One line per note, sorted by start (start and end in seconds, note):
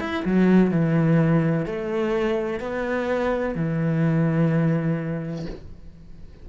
0.00 0.24 E4
0.25 0.71 F#3
0.71 1.66 E3
1.66 2.60 A3
2.60 3.55 B3
3.55 5.46 E3